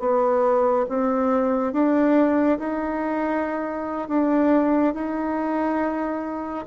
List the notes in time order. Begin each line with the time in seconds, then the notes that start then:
0.00 B3
0.89 C4
1.73 D4
2.59 D#4
4.09 D4
4.94 D#4